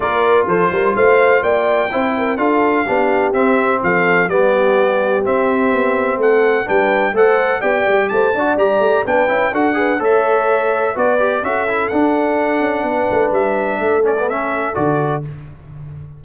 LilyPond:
<<
  \new Staff \with { instrumentName = "trumpet" } { \time 4/4 \tempo 4 = 126 d''4 c''4 f''4 g''4~ | g''4 f''2 e''4 | f''4 d''2 e''4~ | e''4 fis''4 g''4 fis''4 |
g''4 a''4 ais''4 g''4 | fis''4 e''2 d''4 | e''4 fis''2. | e''4. d''8 e''4 d''4 | }
  \new Staff \with { instrumentName = "horn" } { \time 4/4 ais'4 a'8 ais'8 c''4 d''4 | c''8 ais'8 a'4 g'2 | a'4 g'2.~ | g'4 a'4 b'4 c''4 |
d''4 c''8 d''4. b'4 | a'8 b'8 cis''2 b'4 | a'2. b'4~ | b'4 a'2. | }
  \new Staff \with { instrumentName = "trombone" } { \time 4/4 f'1 | e'4 f'4 d'4 c'4~ | c'4 b2 c'4~ | c'2 d'4 a'4 |
g'4. fis'8 g'4 d'8 e'8 | fis'8 gis'8 a'2 fis'8 g'8 | fis'8 e'8 d'2.~ | d'4. cis'16 b16 cis'4 fis'4 | }
  \new Staff \with { instrumentName = "tuba" } { \time 4/4 ais4 f8 g8 a4 ais4 | c'4 d'4 b4 c'4 | f4 g2 c'4 | b4 a4 g4 a4 |
b8 g8 a8 d'8 g8 a8 b8 cis'8 | d'4 a2 b4 | cis'4 d'4. cis'8 b8 a8 | g4 a2 d4 | }
>>